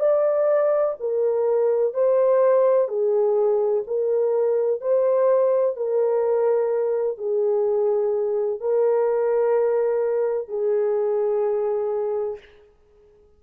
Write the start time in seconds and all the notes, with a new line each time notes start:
0.00 D5
1.00 A#4
1.94 C5
2.88 G#4
3.87 A#4
4.81 C5
5.76 A#4
7.18 G#4
8.60 A#4
10.48 G#4